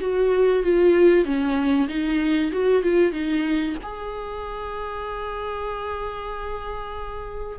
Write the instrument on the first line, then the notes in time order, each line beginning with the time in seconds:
viola
0.00 F#4
0.63 F4
1.25 C#4
1.88 D#4
2.52 F#4
2.82 F4
3.12 D#4
3.83 G#4